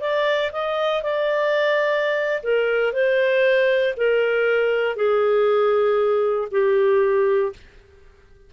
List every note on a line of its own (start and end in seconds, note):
0.00 0.51 D5
0.52 1.02 D#5
1.02 2.42 D5
2.42 2.92 A#4
2.92 3.94 C5
3.96 4.96 A#4
4.96 6.48 G#4
6.51 7.52 G4